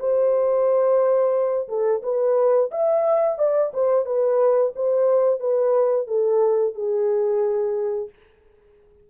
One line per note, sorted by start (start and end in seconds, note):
0.00 1.69 C5
1.69 2.03 A4
2.03 2.71 B4
2.72 3.39 E5
3.39 3.72 D5
3.74 4.06 C5
4.06 4.73 B4
4.76 5.41 C5
5.41 6.08 B4
6.08 6.75 A4
6.75 8.10 G#4